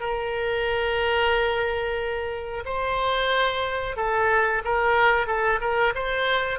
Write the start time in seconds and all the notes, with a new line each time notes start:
0.00 A#4
2.65 C5
3.96 A4
4.64 A#4
5.27 A4
5.60 A#4
5.95 C5